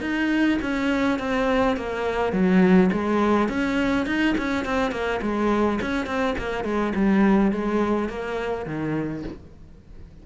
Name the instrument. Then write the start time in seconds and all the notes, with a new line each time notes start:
cello
0.00 D#4
0.61 C#4
1.19 C4
1.76 A#3
2.32 F#3
2.92 G#3
3.48 C#4
4.06 D#4
4.37 C#4
4.65 C4
4.91 A#3
5.21 G#3
5.81 C#4
6.06 C4
6.38 A#3
6.64 G#3
6.95 G3
7.52 G#3
8.08 A#3
8.65 D#3